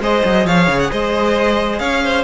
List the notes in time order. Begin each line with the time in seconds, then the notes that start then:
0.00 G#3 G#4 C5 D#5
0.25 F#3
0.46 F3 C#5 F5
0.68 C#3
0.79 F#5
0.90 G#3 C5 D#5
1.79 C#4 C#5 F5
2.03 C5